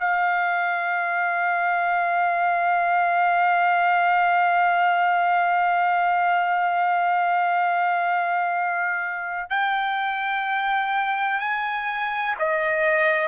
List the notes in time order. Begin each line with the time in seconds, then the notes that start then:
0.00 F5
9.50 G5
11.40 G#5
12.39 D#5